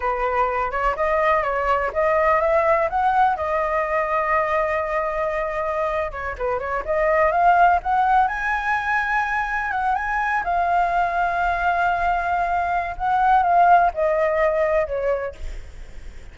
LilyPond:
\new Staff \with { instrumentName = "flute" } { \time 4/4 \tempo 4 = 125 b'4. cis''8 dis''4 cis''4 | dis''4 e''4 fis''4 dis''4~ | dis''1~ | dis''8. cis''8 b'8 cis''8 dis''4 f''8.~ |
f''16 fis''4 gis''2~ gis''8.~ | gis''16 fis''8 gis''4 f''2~ f''16~ | f''2. fis''4 | f''4 dis''2 cis''4 | }